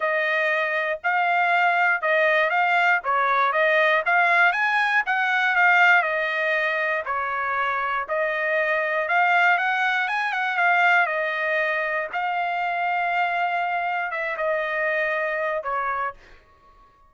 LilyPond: \new Staff \with { instrumentName = "trumpet" } { \time 4/4 \tempo 4 = 119 dis''2 f''2 | dis''4 f''4 cis''4 dis''4 | f''4 gis''4 fis''4 f''4 | dis''2 cis''2 |
dis''2 f''4 fis''4 | gis''8 fis''8 f''4 dis''2 | f''1 | e''8 dis''2~ dis''8 cis''4 | }